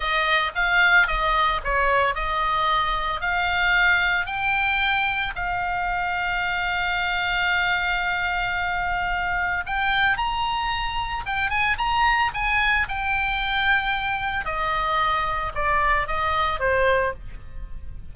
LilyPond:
\new Staff \with { instrumentName = "oboe" } { \time 4/4 \tempo 4 = 112 dis''4 f''4 dis''4 cis''4 | dis''2 f''2 | g''2 f''2~ | f''1~ |
f''2 g''4 ais''4~ | ais''4 g''8 gis''8 ais''4 gis''4 | g''2. dis''4~ | dis''4 d''4 dis''4 c''4 | }